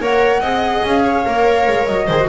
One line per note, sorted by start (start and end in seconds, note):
0.00 0.40 A#3
0.00 0.43 A#4
0.00 0.40 C#5
0.00 0.86 F#5
0.40 0.82 C4
0.40 1.25 G#4
0.40 1.02 D#5
0.84 1.26 C#4
0.84 1.86 F5
1.04 2.07 C#5
1.25 1.68 A#3
1.25 2.08 A#4
1.68 1.88 G#3
1.86 2.08 F#3
1.86 2.28 D#5
2.07 2.29 D#3
2.07 2.20 G#4
2.07 2.27 C5
2.20 2.29 F#4